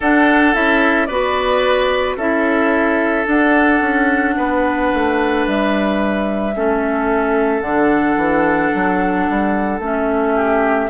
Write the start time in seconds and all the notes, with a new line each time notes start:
0.00 D4 A4 F#5
0.53 C#4 E4 E5
1.05 B3 F#4 B4 D5
2.16 C#4 E4 A4 E5
3.24 D4 F#5
3.80 C#4
4.36 B3 B4
4.93 A3
5.46 G3 E5
6.55 A3 C#4 A4
7.61 D3 D4 F#5
8.16 E3
8.74 F#3
9.29 G3
9.79 A3 C#4
9.85 E5
10.35 G4